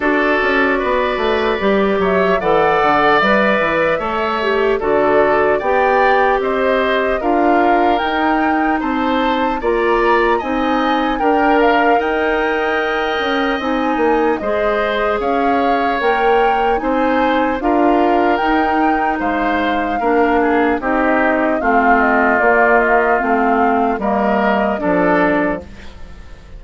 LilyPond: <<
  \new Staff \with { instrumentName = "flute" } { \time 4/4 \tempo 4 = 75 d''2~ d''8 e''8 fis''4 | e''2 d''4 g''4 | dis''4 f''4 g''4 a''4 | ais''4 gis''4 g''8 f''8 g''4~ |
g''4 gis''4 dis''4 f''4 | g''4 gis''4 f''4 g''4 | f''2 dis''4 f''8 dis''8 | d''8 dis''8 f''4 dis''4 d''4 | }
  \new Staff \with { instrumentName = "oboe" } { \time 4/4 a'4 b'4. cis''8 d''4~ | d''4 cis''4 a'4 d''4 | c''4 ais'2 c''4 | d''4 dis''4 ais'4 dis''4~ |
dis''2 c''4 cis''4~ | cis''4 c''4 ais'2 | c''4 ais'8 gis'8 g'4 f'4~ | f'2 ais'4 a'4 | }
  \new Staff \with { instrumentName = "clarinet" } { \time 4/4 fis'2 g'4 a'4 | b'4 a'8 g'8 fis'4 g'4~ | g'4 f'4 dis'2 | f'4 dis'4 ais'2~ |
ais'4 dis'4 gis'2 | ais'4 dis'4 f'4 dis'4~ | dis'4 d'4 dis'4 c'4 | ais4 c'4 ais4 d'4 | }
  \new Staff \with { instrumentName = "bassoon" } { \time 4/4 d'8 cis'8 b8 a8 g8 fis8 e8 d8 | g8 e8 a4 d4 b4 | c'4 d'4 dis'4 c'4 | ais4 c'4 d'4 dis'4~ |
dis'8 cis'8 c'8 ais8 gis4 cis'4 | ais4 c'4 d'4 dis'4 | gis4 ais4 c'4 a4 | ais4 a4 g4 f4 | }
>>